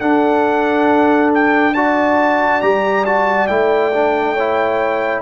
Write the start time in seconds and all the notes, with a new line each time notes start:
0.00 D4 A4 F#5
1.35 G5
1.75 F#4 D5 A5
2.62 G3 G4 A#5
3.06 F#4 A5
3.48 A3 E4 G5
3.93 D4
4.34 E4 C#5